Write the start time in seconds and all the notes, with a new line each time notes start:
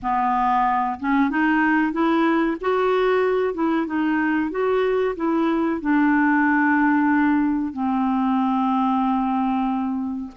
0.02 B3
0.99 C#4
1.30 D#4
1.92 E4
2.60 F#4
3.54 E4
3.86 D#4
4.50 F#4
5.16 E4
5.80 D4
7.72 C4